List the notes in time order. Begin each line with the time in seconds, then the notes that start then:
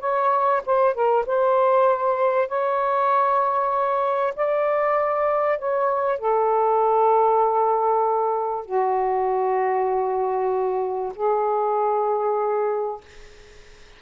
0.00 C#5
0.66 C5
0.94 A#4
1.26 C5
2.49 C#5
4.36 D5
5.59 C#5
6.19 A4
8.65 F#4
11.16 G#4